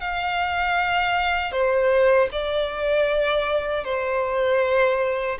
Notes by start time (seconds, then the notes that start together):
0.00 F5
1.52 C5
2.32 D5
3.84 C5